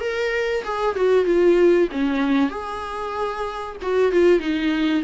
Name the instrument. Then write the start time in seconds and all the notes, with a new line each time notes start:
viola
0.00 A#4
0.64 G#4
0.95 F#4
1.25 F4
1.91 C#4
2.49 G#4
3.82 F#4
4.12 F4
4.39 D#4